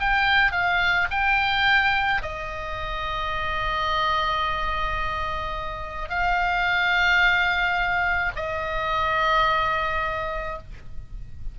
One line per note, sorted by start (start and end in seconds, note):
0.00 0.52 G5
0.52 1.08 F5
1.11 2.22 G5
2.22 6.10 D#5
6.10 8.32 F5
8.36 10.58 D#5